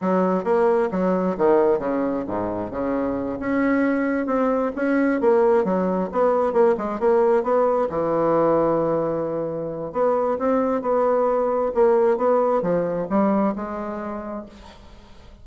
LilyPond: \new Staff \with { instrumentName = "bassoon" } { \time 4/4 \tempo 4 = 133 fis4 ais4 fis4 dis4 | cis4 gis,4 cis4. cis'8~ | cis'4. c'4 cis'4 ais8~ | ais8 fis4 b4 ais8 gis8 ais8~ |
ais8 b4 e2~ e8~ | e2 b4 c'4 | b2 ais4 b4 | f4 g4 gis2 | }